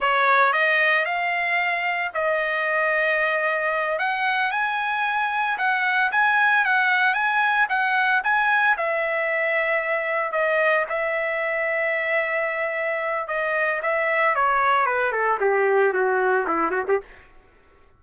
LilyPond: \new Staff \with { instrumentName = "trumpet" } { \time 4/4 \tempo 4 = 113 cis''4 dis''4 f''2 | dis''2.~ dis''8 fis''8~ | fis''8 gis''2 fis''4 gis''8~ | gis''8 fis''4 gis''4 fis''4 gis''8~ |
gis''8 e''2. dis''8~ | dis''8 e''2.~ e''8~ | e''4 dis''4 e''4 cis''4 | b'8 a'8 g'4 fis'4 e'8 fis'16 g'16 | }